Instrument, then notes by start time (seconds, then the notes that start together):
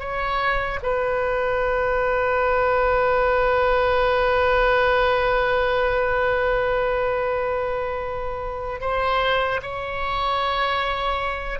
oboe
0.00 C#5
0.83 B4
8.81 C5
9.63 C#5